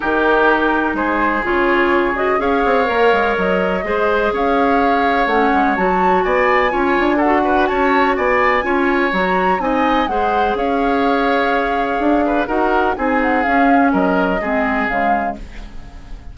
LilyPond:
<<
  \new Staff \with { instrumentName = "flute" } { \time 4/4 \tempo 4 = 125 ais'2 c''4 cis''4~ | cis''8 dis''8 f''2 dis''4~ | dis''4 f''2 fis''4 | a''4 gis''2 fis''4 |
a''4 gis''2 ais''4 | gis''4 fis''4 f''2~ | f''2 fis''4 gis''8 fis''8 | f''4 dis''2 f''4 | }
  \new Staff \with { instrumentName = "oboe" } { \time 4/4 g'2 gis'2~ | gis'4 cis''2. | c''4 cis''2.~ | cis''4 d''4 cis''4 a'8 b'8 |
cis''4 d''4 cis''2 | dis''4 c''4 cis''2~ | cis''4. b'8 ais'4 gis'4~ | gis'4 ais'4 gis'2 | }
  \new Staff \with { instrumentName = "clarinet" } { \time 4/4 dis'2. f'4~ | f'8 fis'8 gis'4 ais'2 | gis'2. cis'4 | fis'2 f'4 fis'4~ |
fis'2 f'4 fis'4 | dis'4 gis'2.~ | gis'2 fis'4 dis'4 | cis'2 c'4 gis4 | }
  \new Staff \with { instrumentName = "bassoon" } { \time 4/4 dis2 gis4 cis4~ | cis4 cis'8 c'8 ais8 gis8 fis4 | gis4 cis'2 a8 gis8 | fis4 b4 cis'8 d'4. |
cis'4 b4 cis'4 fis4 | c'4 gis4 cis'2~ | cis'4 d'4 dis'4 c'4 | cis'4 fis4 gis4 cis4 | }
>>